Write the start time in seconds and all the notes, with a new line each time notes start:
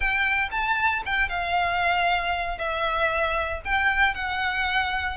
0.00 G5
0.51 A5
1.05 G5
1.29 F5
2.58 E5
3.64 G5
4.14 F#5